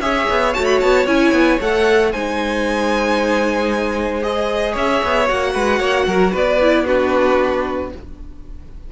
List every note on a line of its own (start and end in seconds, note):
0.00 0.26 C#4
0.00 0.54 G#4
0.00 2.12 C#5
0.00 0.54 E5
0.30 0.56 B3
0.54 0.82 A3
0.54 1.07 F#4
0.54 0.65 A5
0.65 0.78 B5
0.80 1.06 B3
0.80 1.06 A5
1.06 1.32 C#4
1.06 1.59 E4
1.06 1.60 G#5
1.32 1.58 B3
1.61 2.14 A3
1.61 2.13 A4
1.61 2.12 F#5
2.12 4.75 G#3
2.12 4.22 D#4
2.12 4.72 C5
2.12 4.22 G#5
4.22 5.27 G#4
4.22 4.75 D#5
4.72 5.02 C#4
4.72 5.51 C#5
4.72 5.29 E5
5.04 5.30 B3
5.27 5.54 A#3
5.27 6.59 F#4
5.27 6.34 F#5
5.54 5.80 G#3
5.54 5.79 B4
5.79 6.06 A#3
5.79 6.06 C#5
6.07 6.33 F#3
6.07 6.32 A#4
6.32 7.92 B3
6.32 6.84 B4
6.32 6.86 D5
6.62 6.87 E4
6.85 7.92 D4
6.85 7.91 F#4
6.85 7.92 B4